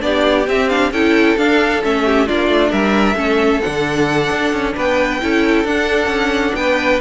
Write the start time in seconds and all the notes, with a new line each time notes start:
0.00 B3 D4 G4 D5
0.47 C4 E5
0.69 D4 F5
0.91 C#4 E4 A4 G5
1.37 D4 F5
1.82 A3 C#4 E5
2.05 G4
2.26 A#3 D4 F4 D5
2.48 A3
2.70 G3 A#4 E5
3.15 A3 C#4 A4
3.61 D3 D4 F#5
4.30 D4
4.52 C#4
4.76 B3 B4 G5
5.21 C#4 E4 A4
5.64 D4 F#5
6.07 C#4
6.54 B3 B4 G5